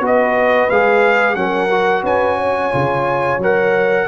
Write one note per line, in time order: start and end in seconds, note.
0.00 0.67 B3
0.00 0.69 F#4
0.00 1.37 B4
0.06 0.70 D#5
0.70 1.35 G#3
0.70 1.35 G#4
0.70 1.35 F5
1.35 2.03 F#3
1.35 1.69 C#4
1.35 2.03 A#4
1.35 2.03 F#5
1.71 2.72 F#4
2.03 2.71 C#4
2.03 2.36 B4
2.03 3.41 G#5
2.36 4.05 C#5
2.72 3.38 C#3
2.72 3.39 F4
3.38 4.05 F#3
3.38 4.08 A#4
3.38 4.08 F#5